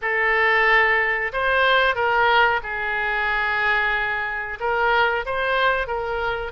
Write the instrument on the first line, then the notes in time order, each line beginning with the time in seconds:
oboe
0.01 A4
1.32 C5
1.95 A#4
2.63 G#4
4.60 A#4
5.25 C5
5.87 A#4